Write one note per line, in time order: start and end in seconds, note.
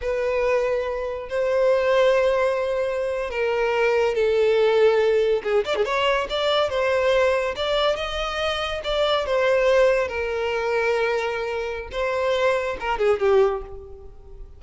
0.01 1.29 B4
1.29 3.30 C5
3.30 4.14 A#4
4.14 5.42 A4
5.43 5.64 G#4
5.65 5.75 D5
5.75 5.84 G#4
5.84 6.27 C#5
6.29 6.69 D5
6.69 7.54 C5
7.56 7.96 D5
7.96 8.81 D#5
8.84 9.26 D5
9.26 10.08 C5
10.08 11.88 A#4
11.91 12.76 C5
12.80 12.98 A#4
12.98 13.19 G#4
13.19 13.62 G4